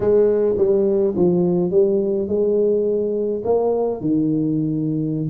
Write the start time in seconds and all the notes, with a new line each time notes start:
0.00 G#3
0.57 G3
1.16 F3
1.70 G3
2.28 G#3
3.44 A#3
4.01 D#3